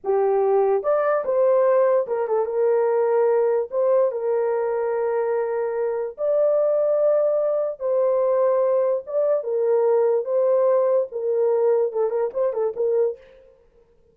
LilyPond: \new Staff \with { instrumentName = "horn" } { \time 4/4 \tempo 4 = 146 g'2 d''4 c''4~ | c''4 ais'8 a'8 ais'2~ | ais'4 c''4 ais'2~ | ais'2. d''4~ |
d''2. c''4~ | c''2 d''4 ais'4~ | ais'4 c''2 ais'4~ | ais'4 a'8 ais'8 c''8 a'8 ais'4 | }